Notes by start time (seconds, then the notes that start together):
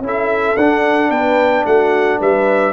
0.00 C#4 E4 A4
0.07 E5
0.56 D4 F#5
1.10 B3 B4 G5
1.65 A3 F#4 F#5
2.19 G3 B4 E5